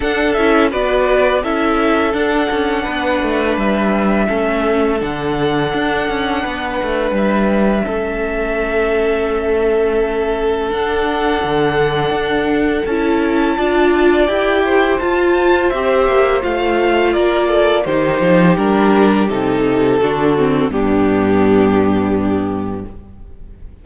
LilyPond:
<<
  \new Staff \with { instrumentName = "violin" } { \time 4/4 \tempo 4 = 84 fis''8 e''8 d''4 e''4 fis''4~ | fis''4 e''2 fis''4~ | fis''2 e''2~ | e''2. fis''4~ |
fis''2 a''2 | g''4 a''4 e''4 f''4 | d''4 c''4 ais'4 a'4~ | a'4 g'2. | }
  \new Staff \with { instrumentName = "violin" } { \time 4/4 a'4 b'4 a'2 | b'2 a'2~ | a'4 b'2 a'4~ | a'1~ |
a'2. d''4~ | d''8 c''2.~ c''8 | ais'8 a'8 g'2. | fis'4 d'2. | }
  \new Staff \with { instrumentName = "viola" } { \time 4/4 d'8 e'8 fis'4 e'4 d'4~ | d'2 cis'4 d'4~ | d'2. cis'4~ | cis'2. d'4~ |
d'2 e'4 f'4 | g'4 f'4 g'4 f'4~ | f'4 dis'4 d'4 dis'4 | d'8 c'8 b2. | }
  \new Staff \with { instrumentName = "cello" } { \time 4/4 d'8 cis'8 b4 cis'4 d'8 cis'8 | b8 a8 g4 a4 d4 | d'8 cis'8 b8 a8 g4 a4~ | a2. d'4 |
d4 d'4 cis'4 d'4 | e'4 f'4 c'8 ais8 a4 | ais4 dis8 f8 g4 c4 | d4 g,2. | }
>>